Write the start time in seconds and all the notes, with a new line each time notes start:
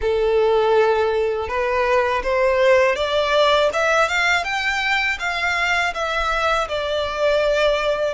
0.01 A4
1.48 B4
2.23 C5
2.95 D5
3.73 E5
4.08 F5
4.43 G5
5.19 F5
5.94 E5
6.68 D5